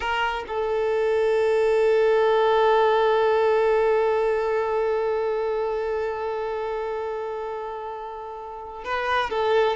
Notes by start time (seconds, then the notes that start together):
0.00 A#4
0.47 A4
8.84 B4
9.29 A4